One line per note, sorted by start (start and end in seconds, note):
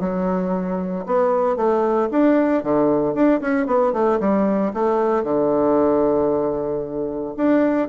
0.00 1.05 F#3
1.06 1.56 B3
1.56 2.09 A3
2.11 2.63 D4
2.63 3.14 D3
3.14 3.40 D4
3.41 3.66 C#4
3.66 3.93 B3
3.93 4.19 A3
4.20 4.72 G3
4.74 5.23 A3
5.23 7.34 D3
7.37 7.88 D4